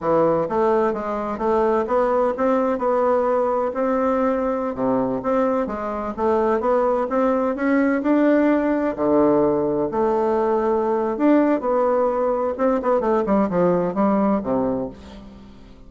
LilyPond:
\new Staff \with { instrumentName = "bassoon" } { \time 4/4 \tempo 4 = 129 e4 a4 gis4 a4 | b4 c'4 b2 | c'2~ c'16 c4 c'8.~ | c'16 gis4 a4 b4 c'8.~ |
c'16 cis'4 d'2 d8.~ | d4~ d16 a2~ a8. | d'4 b2 c'8 b8 | a8 g8 f4 g4 c4 | }